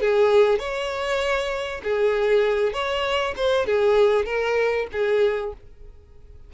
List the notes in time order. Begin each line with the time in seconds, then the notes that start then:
0.00 G#4
0.58 C#5
1.83 G#4
2.72 C#5
3.36 C5
3.66 G#4
4.25 A#4
4.92 G#4